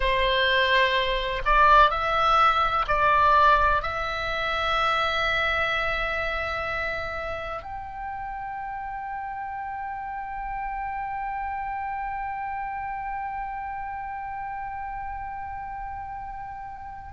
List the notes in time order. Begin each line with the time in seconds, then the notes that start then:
0.00 C5
1.45 D5
1.90 E5
2.87 D5
3.82 E5
7.62 G5